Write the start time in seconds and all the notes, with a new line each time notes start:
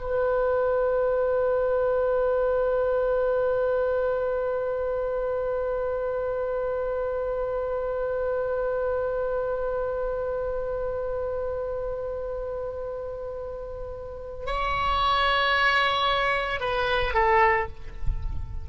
0.00 B4
14.46 C#5
16.60 B4
17.14 A4